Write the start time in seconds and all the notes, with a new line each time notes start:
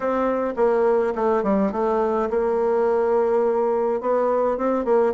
0.00 C4
0.56 A#3
1.15 A3
1.43 G3
1.72 A3
2.30 A#3
4.00 B3
4.57 C4
4.84 A#3